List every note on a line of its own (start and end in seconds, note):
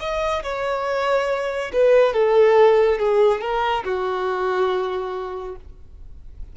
0.00 0.43 D#5
0.43 1.71 C#5
1.73 2.14 B4
2.14 2.99 A4
2.99 3.41 G#4
3.41 3.84 A#4
3.85 5.56 F#4